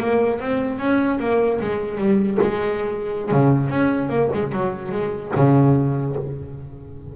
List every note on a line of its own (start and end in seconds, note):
0.00 0.40 A#3
0.40 0.79 C4
0.79 1.20 C#4
1.20 1.60 A#3
1.61 1.98 G#3
1.98 2.38 G3
2.42 3.32 G#3
3.32 3.70 C#3
3.70 4.10 C#4
4.10 4.30 A#3
4.34 4.52 G#3
4.52 4.92 F#3
4.92 5.32 G#3
5.36 6.16 C#3